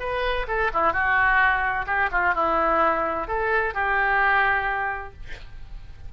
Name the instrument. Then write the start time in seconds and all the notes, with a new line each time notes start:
oboe
0.00 B4
0.48 A4
0.74 E4
0.93 F#4
1.86 G4
2.12 F4
2.35 E4
3.28 A4
3.74 G4